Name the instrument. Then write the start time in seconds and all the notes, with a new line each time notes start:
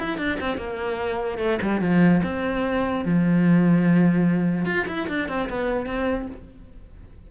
cello
0.00 E4
0.18 D4
0.41 C4
0.58 A#3
1.39 A3
1.62 G3
1.81 F3
2.24 C4
3.06 F3
4.66 F4
4.88 E4
5.09 D4
5.29 C4
5.50 B3
5.87 C4